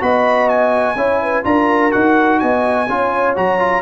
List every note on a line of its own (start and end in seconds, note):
0.00 0.96 B3
0.00 0.95 F#4
0.00 0.98 D#5
0.00 0.49 B5
0.49 1.44 G#5
0.96 1.43 C#4
0.96 1.44 E4
0.96 1.21 C#5
1.22 1.46 B4
1.44 1.93 D4
1.44 1.92 F4
1.44 2.41 A#4
1.44 1.92 A#5
1.92 2.42 D#4
1.92 2.87 F#4
1.92 2.39 F#5
2.39 2.89 B3
2.39 2.89 D#5
2.39 3.34 G#5
2.89 3.37 C#4
2.89 3.36 F4
2.89 3.82 C#5
3.36 3.82 F#3
3.36 3.59 F#4
3.36 3.82 A#5
3.59 3.82 F4